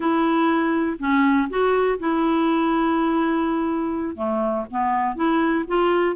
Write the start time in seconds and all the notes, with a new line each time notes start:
0.00 E4
0.99 C#4
1.49 F#4
1.99 E4
4.16 A3
4.71 B3
5.15 E4
5.67 F4